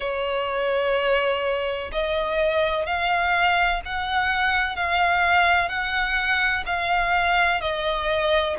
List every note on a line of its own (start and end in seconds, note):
0.00 1.90 C#5
1.91 2.86 D#5
2.86 3.81 F5
3.85 4.76 F#5
4.76 5.68 F5
5.68 6.64 F#5
6.66 7.61 F5
7.61 8.56 D#5